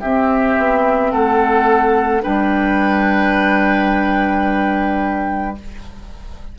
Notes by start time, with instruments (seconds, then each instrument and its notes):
0.00 bassoon C4, clarinet C4, oboe G4, flute E5
0.58 bassoon B3
1.11 bassoon A3, oboe A4, flute F#5
2.21 bassoon G3, clarinet D4, oboe B4, flute G5